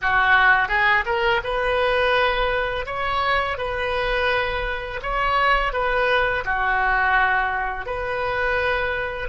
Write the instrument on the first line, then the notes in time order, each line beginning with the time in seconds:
oboe
0.01 F#4
0.68 G#4
1.05 A#4
1.43 B4
2.86 C#5
3.57 B4
5.02 C#5
5.72 B4
6.44 F#4
7.86 B4